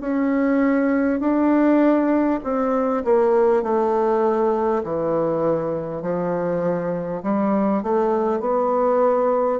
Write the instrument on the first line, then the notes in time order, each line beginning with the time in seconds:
bassoon
0.00 C#4
1.20 D4
2.43 C4
3.04 A#3
3.62 A3
4.83 E3
6.02 F3
7.22 G3
7.83 A3
8.40 B3